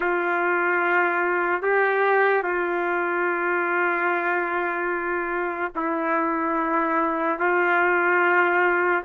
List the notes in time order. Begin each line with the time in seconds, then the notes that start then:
0.00 F4
1.62 G4
2.42 F4
5.75 E4
7.39 F4